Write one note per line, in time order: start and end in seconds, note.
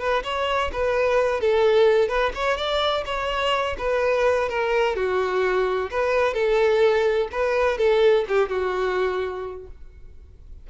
0.00 0.24 B4
0.24 0.72 C#5
0.73 1.41 B4
1.41 2.09 A4
2.09 2.33 B4
2.35 2.57 C#5
2.57 3.05 D5
3.06 3.76 C#5
3.79 4.49 B4
4.49 4.96 A#4
4.96 5.91 F#4
5.91 6.34 B4
6.34 7.29 A4
7.32 7.78 B4
7.78 8.25 A4
8.28 8.50 G4
8.50 9.68 F#4